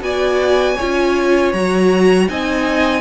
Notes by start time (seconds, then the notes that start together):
0.00 B3 F#4 D5 G#5
0.76 C#4 F4 C#5
1.53 F#3 F#4 A#5
2.28 C4 D#4 D#5 G#5